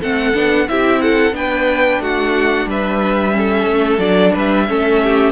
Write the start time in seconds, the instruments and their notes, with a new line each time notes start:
0.00 cello A3, viola C4, violin A4 F#5
0.33 cello B3, viola D4
0.68 cello C4, viola E4, violin G4 E5
1.01 violin A4 F#5
1.32 cello B3, viola D4, violin B4 G5
1.99 cello A3, violin F#4 F#5
2.65 cello G3, violin B4 E5
3.31 viola C#4, violin A4
3.65 cello A3
3.98 cello F#3, viola D4, violin D5
4.32 cello G3, violin B4 E5
4.68 cello A3, viola C#4, violin A4
5.03 violin G4